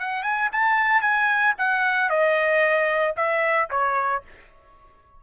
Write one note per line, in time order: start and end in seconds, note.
0.00 0.23 F#5
0.23 0.49 G#5
0.52 1.01 A5
1.01 1.54 G#5
1.58 2.10 F#5
2.10 3.15 D#5
3.17 3.69 E5
3.71 4.23 C#5